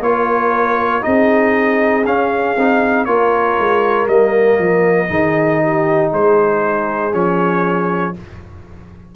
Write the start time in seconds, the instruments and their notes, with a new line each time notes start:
0.00 tuba A#3, trombone F4, horn A#4, trumpet C#5
1.01 tuba C4, trombone D#4, horn G#4, trumpet D#5
2.06 tuba C#4, trombone C#4, trumpet F5
2.56 tuba C4, trombone D#4
3.05 tuba A#3, trombone F4, horn A#4, trumpet C#5
3.58 tuba G#3
4.07 tuba G3, trombone A#3, trumpet D#5
4.58 tuba F3
5.09 tuba D#3, trombone D#4, horn G#4
5.62 horn G4
6.11 tuba G#3, horn G#4, trumpet C5
7.12 tuba F3, trombone C#4, trumpet C#5